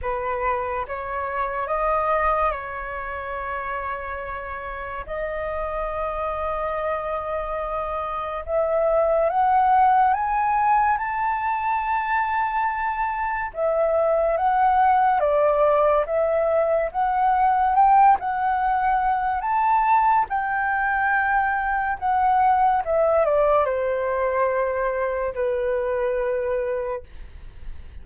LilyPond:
\new Staff \with { instrumentName = "flute" } { \time 4/4 \tempo 4 = 71 b'4 cis''4 dis''4 cis''4~ | cis''2 dis''2~ | dis''2 e''4 fis''4 | gis''4 a''2. |
e''4 fis''4 d''4 e''4 | fis''4 g''8 fis''4. a''4 | g''2 fis''4 e''8 d''8 | c''2 b'2 | }